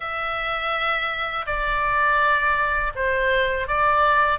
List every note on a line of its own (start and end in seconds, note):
0.00 1.45 E5
1.46 2.92 D5
2.95 3.68 C5
3.68 4.38 D5